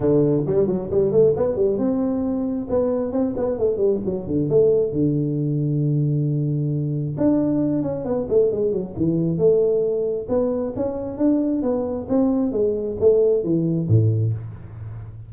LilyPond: \new Staff \with { instrumentName = "tuba" } { \time 4/4 \tempo 4 = 134 d4 g8 fis8 g8 a8 b8 g8 | c'2 b4 c'8 b8 | a8 g8 fis8 d8 a4 d4~ | d1 |
d'4. cis'8 b8 a8 gis8 fis8 | e4 a2 b4 | cis'4 d'4 b4 c'4 | gis4 a4 e4 a,4 | }